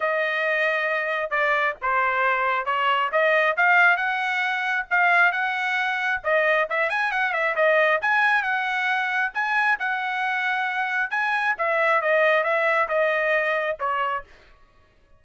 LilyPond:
\new Staff \with { instrumentName = "trumpet" } { \time 4/4 \tempo 4 = 135 dis''2. d''4 | c''2 cis''4 dis''4 | f''4 fis''2 f''4 | fis''2 dis''4 e''8 gis''8 |
fis''8 e''8 dis''4 gis''4 fis''4~ | fis''4 gis''4 fis''2~ | fis''4 gis''4 e''4 dis''4 | e''4 dis''2 cis''4 | }